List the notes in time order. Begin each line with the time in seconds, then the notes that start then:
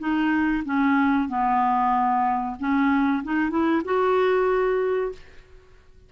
0.00 D#4
0.65 C#4
1.29 B3
2.60 C#4
3.24 D#4
3.51 E4
3.85 F#4